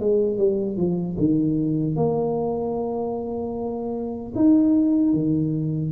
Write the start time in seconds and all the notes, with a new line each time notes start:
0.00 G#3
0.38 G3
0.77 F3
1.19 D#3
1.96 A#3
4.36 D#4
5.14 D#3